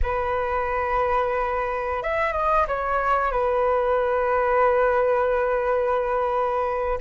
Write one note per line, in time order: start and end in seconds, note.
0.02 2.02 B4
2.02 2.32 E5
2.32 2.66 D#5
2.67 3.31 C#5
3.31 6.98 B4